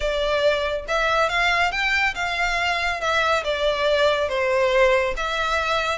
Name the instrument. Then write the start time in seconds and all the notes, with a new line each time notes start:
violin
0.00 D5
0.88 E5
1.29 F5
1.71 G5
2.14 F5
3.00 E5
3.44 D5
4.28 C5
5.16 E5